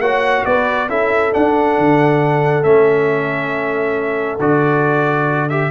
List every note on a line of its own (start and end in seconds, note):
0.00 0.44 A#3
0.00 0.90 F#4
0.00 0.46 C#5
0.00 0.45 F#5
0.46 0.90 B3
0.46 0.90 B4
0.46 0.89 D5
0.90 1.33 C#4
0.90 1.33 E4
0.90 5.71 A4
0.90 1.33 E5
1.33 2.64 D4
1.33 1.79 D4
1.33 2.64 F#5
1.79 2.64 D3
2.64 4.39 A3
2.64 4.40 C#4
2.64 4.39 E5
4.40 5.71 D3
4.40 5.50 F#4
4.40 5.50 D5
5.50 5.71 G4
5.50 5.71 E5